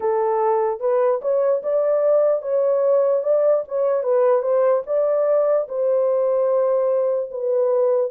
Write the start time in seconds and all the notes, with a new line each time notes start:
0.00 A4
0.80 B4
1.21 C#5
1.62 D5
2.41 C#5
3.23 D5
3.67 C#5
4.03 B4
4.42 C5
4.86 D5
5.68 C5
7.30 B4